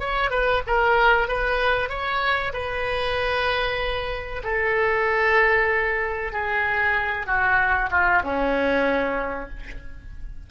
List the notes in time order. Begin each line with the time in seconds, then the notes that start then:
0.00 C#5
0.31 B4
0.67 A#4
1.28 B4
1.89 C#5
2.53 B4
4.44 A4
6.33 G#4
7.27 F#4
7.91 F4
8.24 C#4